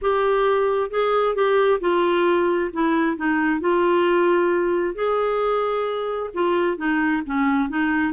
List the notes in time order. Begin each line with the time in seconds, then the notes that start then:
0.01 G4
0.90 G#4
1.35 G4
1.80 F4
2.72 E4
3.16 D#4
3.60 F4
4.94 G#4
6.34 F4
6.77 D#4
7.25 C#4
7.69 D#4